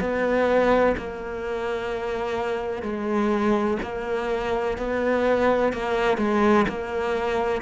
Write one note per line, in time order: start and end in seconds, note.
0.00 0.95 B3
0.97 2.83 A#3
2.83 3.78 G#3
3.83 4.78 A#3
4.78 5.73 B3
5.73 6.18 A#3
6.18 6.66 G#3
6.69 7.62 A#3